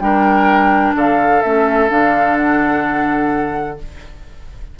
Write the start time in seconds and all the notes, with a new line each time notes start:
0.00 G3 D4 A#4 G5
0.95 D3 A4 F5
1.42 A3 C#4 E5
1.89 D3 D4 F5
2.37 F#5